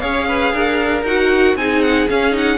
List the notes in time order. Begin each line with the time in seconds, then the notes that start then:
0.00 C#4 G#4 C#5 F5
0.27 B4
0.53 D4 A#4
1.03 D#4 F#4 F#5
1.55 C4 D#4 G#4 G#5
1.82 F#5
2.10 C#4 F5
2.31 D#4 F#5